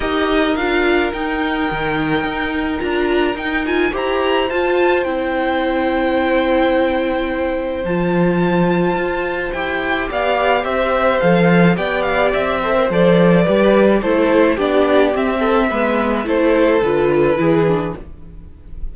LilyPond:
<<
  \new Staff \with { instrumentName = "violin" } { \time 4/4 \tempo 4 = 107 dis''4 f''4 g''2~ | g''4 ais''4 g''8 gis''8 ais''4 | a''4 g''2.~ | g''2 a''2~ |
a''4 g''4 f''4 e''4 | f''4 g''8 f''8 e''4 d''4~ | d''4 c''4 d''4 e''4~ | e''4 c''4 b'2 | }
  \new Staff \with { instrumentName = "violin" } { \time 4/4 ais'1~ | ais'2. c''4~ | c''1~ | c''1~ |
c''2 d''4 c''4~ | c''4 d''4. c''4. | b'4 a'4 g'4. a'8 | b'4 a'2 gis'4 | }
  \new Staff \with { instrumentName = "viola" } { \time 4/4 g'4 f'4 dis'2~ | dis'4 f'4 dis'8 f'8 g'4 | f'4 e'2.~ | e'2 f'2~ |
f'4 g'2. | a'4 g'4. a'16 ais'16 a'4 | g'4 e'4 d'4 c'4 | b4 e'4 f'4 e'8 d'8 | }
  \new Staff \with { instrumentName = "cello" } { \time 4/4 dis'4 d'4 dis'4 dis4 | dis'4 d'4 dis'4 e'4 | f'4 c'2.~ | c'2 f2 |
f'4 e'4 b4 c'4 | f4 b4 c'4 f4 | g4 a4 b4 c'4 | gis4 a4 d4 e4 | }
>>